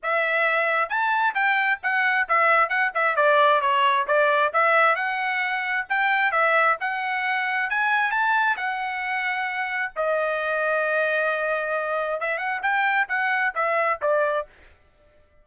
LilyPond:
\new Staff \with { instrumentName = "trumpet" } { \time 4/4 \tempo 4 = 133 e''2 a''4 g''4 | fis''4 e''4 fis''8 e''8 d''4 | cis''4 d''4 e''4 fis''4~ | fis''4 g''4 e''4 fis''4~ |
fis''4 gis''4 a''4 fis''4~ | fis''2 dis''2~ | dis''2. e''8 fis''8 | g''4 fis''4 e''4 d''4 | }